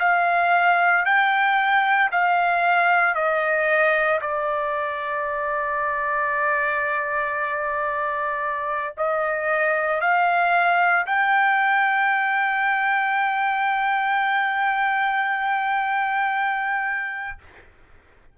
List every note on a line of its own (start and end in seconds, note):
0.00 1.05 F5
1.05 2.11 G5
2.11 3.15 F5
3.15 4.20 D#5
4.21 8.95 D5
8.97 10.00 D#5
10.00 11.06 F5
11.06 17.38 G5